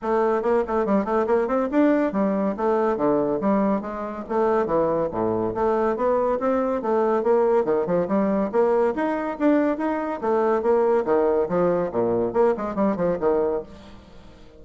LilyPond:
\new Staff \with { instrumentName = "bassoon" } { \time 4/4 \tempo 4 = 141 a4 ais8 a8 g8 a8 ais8 c'8 | d'4 g4 a4 d4 | g4 gis4 a4 e4 | a,4 a4 b4 c'4 |
a4 ais4 dis8 f8 g4 | ais4 dis'4 d'4 dis'4 | a4 ais4 dis4 f4 | ais,4 ais8 gis8 g8 f8 dis4 | }